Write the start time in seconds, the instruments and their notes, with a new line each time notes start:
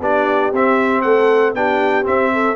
0.00 tuba B3, trombone D4, horn G4, trumpet D5
0.52 tuba C4, trombone C4, trumpet E5
1.02 tuba A3, horn A4, trumpet F#5
1.54 tuba B3, trombone D4, horn G4, trumpet G5
2.03 trombone C4, tuba C4, trumpet E5
2.33 horn A4